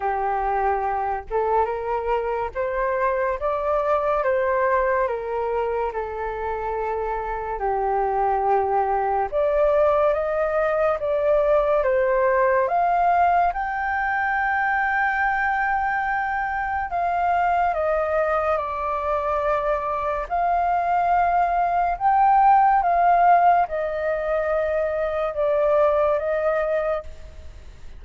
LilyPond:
\new Staff \with { instrumentName = "flute" } { \time 4/4 \tempo 4 = 71 g'4. a'8 ais'4 c''4 | d''4 c''4 ais'4 a'4~ | a'4 g'2 d''4 | dis''4 d''4 c''4 f''4 |
g''1 | f''4 dis''4 d''2 | f''2 g''4 f''4 | dis''2 d''4 dis''4 | }